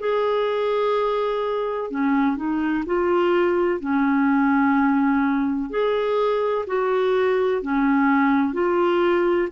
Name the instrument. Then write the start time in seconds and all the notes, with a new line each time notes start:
clarinet
0.00 G#4
1.90 C#4
2.36 D#4
2.86 F4
3.80 C#4
5.70 G#4
6.67 F#4
7.62 C#4
8.53 F4